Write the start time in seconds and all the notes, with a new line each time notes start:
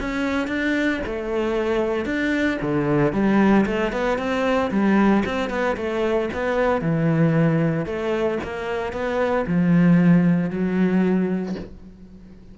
0.00 C#4
0.47 D4
1.06 A3
2.05 D4
2.61 D3
3.12 G3
3.66 A3
3.92 B3
4.18 C4
4.71 G3
5.25 C4
5.50 B3
5.77 A3
6.33 B3
6.81 E3
7.86 A3
8.43 A#3
8.93 B3
9.47 F3
10.50 F#3